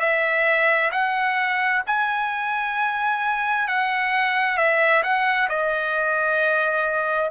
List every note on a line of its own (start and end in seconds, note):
0.00 0.91 E5
0.92 1.83 F#5
1.87 3.68 G#5
3.68 4.57 F#5
4.57 5.03 E5
5.03 5.48 F#5
5.49 7.31 D#5